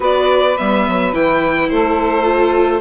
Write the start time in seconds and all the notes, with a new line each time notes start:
0.00 B3 F#4 B4 D5
0.57 G3 B3 E5
0.88 F#3
1.12 E3 E4 G5
1.69 A3 A4 C5
2.23 F4